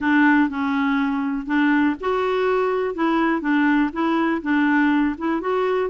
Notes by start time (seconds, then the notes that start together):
0.00 D4
0.49 C#4
1.46 D4
2.00 F#4
2.95 E4
3.41 D4
3.92 E4
4.42 D4
5.18 E4
5.41 F#4